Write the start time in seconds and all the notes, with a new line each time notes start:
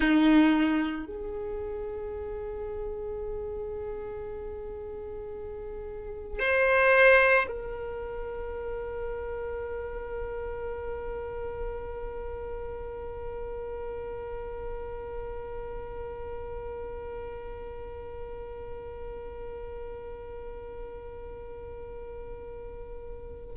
0.00 D#4
1.06 G#4
6.39 C5
7.47 A#4